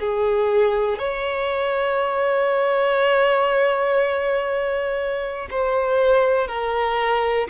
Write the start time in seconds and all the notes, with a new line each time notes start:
0.00 G#4
0.99 C#5
5.50 C5
6.48 A#4